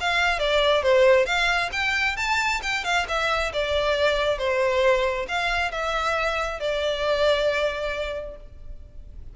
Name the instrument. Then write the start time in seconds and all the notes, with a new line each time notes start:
violin
0.00 F5
0.39 D5
0.83 C5
1.26 F5
1.72 G5
2.17 A5
2.62 G5
2.84 F5
3.08 E5
3.53 D5
4.38 C5
5.28 F5
5.71 E5
6.60 D5